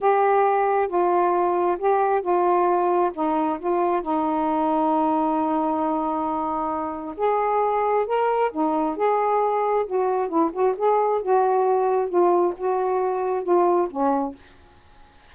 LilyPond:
\new Staff \with { instrumentName = "saxophone" } { \time 4/4 \tempo 4 = 134 g'2 f'2 | g'4 f'2 dis'4 | f'4 dis'2.~ | dis'1 |
gis'2 ais'4 dis'4 | gis'2 fis'4 e'8 fis'8 | gis'4 fis'2 f'4 | fis'2 f'4 cis'4 | }